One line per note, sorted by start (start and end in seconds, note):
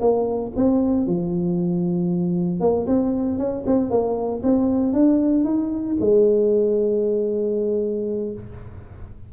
0.00 0.52 A#3
0.56 1.07 C4
1.07 2.60 F3
2.60 2.86 A#3
2.87 3.38 C4
3.38 3.64 C#4
3.66 3.90 C4
3.90 4.42 A#3
4.43 4.93 C4
4.93 5.45 D4
5.45 5.96 D#4
6.00 8.33 G#3